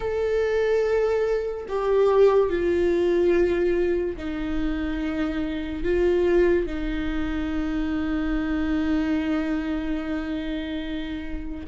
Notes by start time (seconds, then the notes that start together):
0.00 A4
1.68 G4
2.49 F4
4.17 D#4
5.83 F4
6.66 D#4